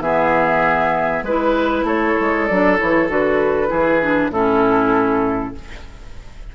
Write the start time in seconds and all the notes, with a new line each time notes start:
0.00 E3 B3 G#4 E5
1.23 G#3 E4 B4
1.84 A3 A4 C#5
2.21 G#3
2.47 F#3 D4 D5
2.78 E3 E4 C#5
3.09 D3 F#4 B4
3.68 E3 E4 G#4
4.02 D4
4.30 A2 C#4 E4 A4